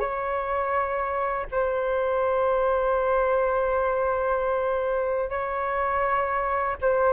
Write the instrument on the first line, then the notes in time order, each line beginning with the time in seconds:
flute
0.00 C#5
1.52 C5
5.30 C#5
6.81 C5